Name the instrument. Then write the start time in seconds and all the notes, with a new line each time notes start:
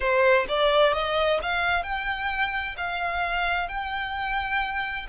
violin
0.00 C5
0.48 D5
0.93 D#5
1.42 F5
1.83 G5
2.77 F5
3.68 G5